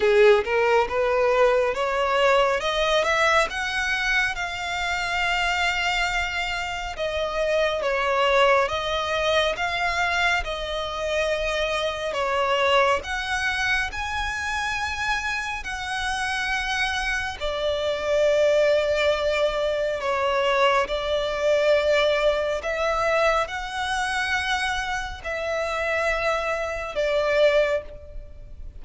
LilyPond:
\new Staff \with { instrumentName = "violin" } { \time 4/4 \tempo 4 = 69 gis'8 ais'8 b'4 cis''4 dis''8 e''8 | fis''4 f''2. | dis''4 cis''4 dis''4 f''4 | dis''2 cis''4 fis''4 |
gis''2 fis''2 | d''2. cis''4 | d''2 e''4 fis''4~ | fis''4 e''2 d''4 | }